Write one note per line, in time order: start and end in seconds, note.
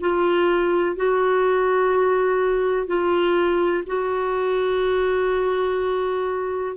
0.00 0.96 F4
0.96 2.87 F#4
2.87 3.84 F4
3.87 6.77 F#4